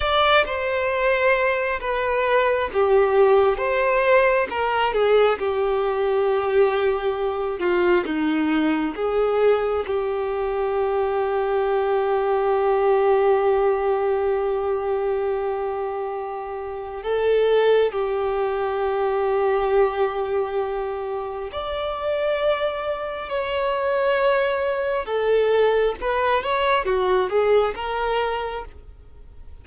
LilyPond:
\new Staff \with { instrumentName = "violin" } { \time 4/4 \tempo 4 = 67 d''8 c''4. b'4 g'4 | c''4 ais'8 gis'8 g'2~ | g'8 f'8 dis'4 gis'4 g'4~ | g'1~ |
g'2. a'4 | g'1 | d''2 cis''2 | a'4 b'8 cis''8 fis'8 gis'8 ais'4 | }